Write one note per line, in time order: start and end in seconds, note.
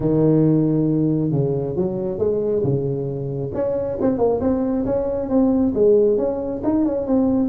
0.00 1.31 D#3
1.31 1.75 C#3
1.75 2.18 F#3
2.18 2.62 G#3
2.63 3.51 C#3
3.53 3.97 C#4
4.01 4.18 C4
4.18 4.40 A#3
4.41 4.85 C4
4.85 5.29 C#4
5.29 5.73 C4
5.74 6.17 G#3
6.17 6.61 C#4
6.63 6.85 D#4
6.85 7.06 C#4
7.06 7.49 C4